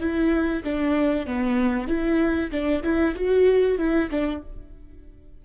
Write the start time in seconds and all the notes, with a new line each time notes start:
0.00 E4
0.63 D4
1.27 B3
1.87 E4
2.51 D4
2.83 E4
3.15 F#4
3.78 E4
4.11 D4